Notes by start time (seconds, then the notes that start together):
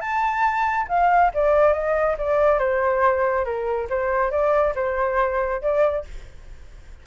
0.00 A5
0.88 F5
1.34 D5
1.73 D#5
2.18 D5
2.58 C5
3.44 A#4
3.89 C5
4.30 D5
4.75 C5
5.61 D5